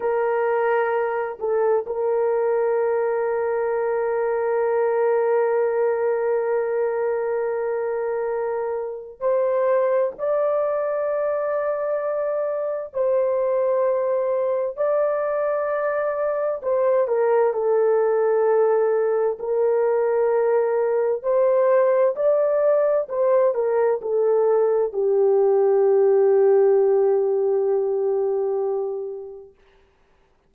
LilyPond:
\new Staff \with { instrumentName = "horn" } { \time 4/4 \tempo 4 = 65 ais'4. a'8 ais'2~ | ais'1~ | ais'2 c''4 d''4~ | d''2 c''2 |
d''2 c''8 ais'8 a'4~ | a'4 ais'2 c''4 | d''4 c''8 ais'8 a'4 g'4~ | g'1 | }